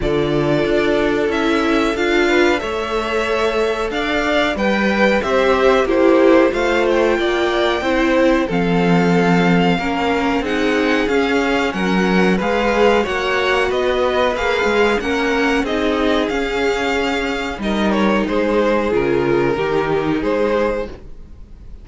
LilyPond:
<<
  \new Staff \with { instrumentName = "violin" } { \time 4/4 \tempo 4 = 92 d''2 e''4 f''4 | e''2 f''4 g''4 | e''4 c''4 f''8 g''4.~ | g''4 f''2. |
fis''4 f''4 fis''4 f''4 | fis''4 dis''4 f''4 fis''4 | dis''4 f''2 dis''8 cis''8 | c''4 ais'2 c''4 | }
  \new Staff \with { instrumentName = "violin" } { \time 4/4 a'2.~ a'8 b'8 | cis''2 d''4 b'4 | c''4 g'4 c''4 d''4 | c''4 a'2 ais'4 |
gis'2 ais'4 b'4 | cis''4 b'2 ais'4 | gis'2. ais'4 | gis'2 g'4 gis'4 | }
  \new Staff \with { instrumentName = "viola" } { \time 4/4 f'2 e'4 f'4 | a'2. b'4 | g'4 e'4 f'2 | e'4 c'2 cis'4 |
dis'4 cis'2 gis'4 | fis'2 gis'4 cis'4 | dis'4 cis'2 dis'4~ | dis'4 f'4 dis'2 | }
  \new Staff \with { instrumentName = "cello" } { \time 4/4 d4 d'4 cis'4 d'4 | a2 d'4 g4 | c'4 ais4 a4 ais4 | c'4 f2 ais4 |
c'4 cis'4 fis4 gis4 | ais4 b4 ais8 gis8 ais4 | c'4 cis'2 g4 | gis4 cis4 dis4 gis4 | }
>>